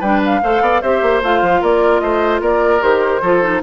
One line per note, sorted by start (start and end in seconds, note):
0.00 0.41 G3
0.00 0.43 D4
0.00 0.40 B4
0.00 0.21 G5
0.25 0.82 F5
0.43 0.61 A3
0.43 0.84 A4
0.43 0.62 C5
0.61 0.81 B3
0.61 0.82 D5
0.82 1.02 C4
0.82 1.24 G4
0.82 1.61 C5
0.82 1.22 E5
1.02 1.22 A#3
1.23 1.42 A3
1.23 2.81 F4
1.23 1.64 F5
1.42 1.62 F3
1.61 2.01 A#3
1.61 2.01 A#4
1.61 2.00 D5
2.00 2.41 A3
2.00 2.41 C5
2.00 2.40 D#5
2.41 2.81 A#3
2.41 3.21 A#4
2.41 2.83 D5
2.81 3.22 D#3
2.81 3.21 G4
2.81 3.63 C5
3.22 3.62 F3
3.22 3.42 F4
3.22 3.62 A4
3.42 3.62 D#4